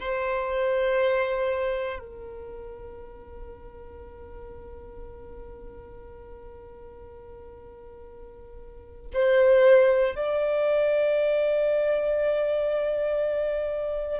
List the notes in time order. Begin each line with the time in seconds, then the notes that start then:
0.00 C5
1.99 A#4
9.13 C5
10.16 D5